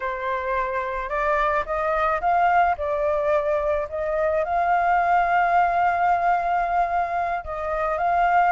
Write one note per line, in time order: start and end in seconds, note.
0.00 1.09 C5
1.09 1.64 D5
1.65 2.20 D#5
2.20 2.75 F5
2.77 3.87 D5
3.89 4.44 D#5
4.44 7.44 F5
7.44 7.98 D#5
7.98 8.52 F5